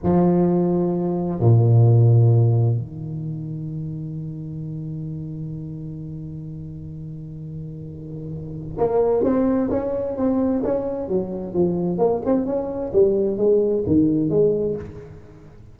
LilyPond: \new Staff \with { instrumentName = "tuba" } { \time 4/4 \tempo 4 = 130 f2. ais,4~ | ais,2 dis2~ | dis1~ | dis1~ |
dis2. ais4 | c'4 cis'4 c'4 cis'4 | fis4 f4 ais8 c'8 cis'4 | g4 gis4 dis4 gis4 | }